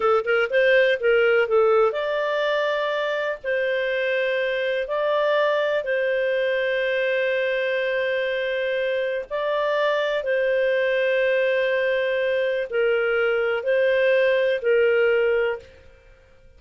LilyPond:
\new Staff \with { instrumentName = "clarinet" } { \time 4/4 \tempo 4 = 123 a'8 ais'8 c''4 ais'4 a'4 | d''2. c''4~ | c''2 d''2 | c''1~ |
c''2. d''4~ | d''4 c''2.~ | c''2 ais'2 | c''2 ais'2 | }